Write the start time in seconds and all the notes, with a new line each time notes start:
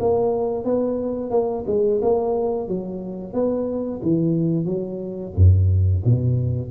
0.00 A#3
0.64 B3
1.30 A#3
1.67 G#3
2.01 A#3
2.68 F#3
3.33 B3
4.02 E3
4.65 F#3
5.35 F#2
6.05 B2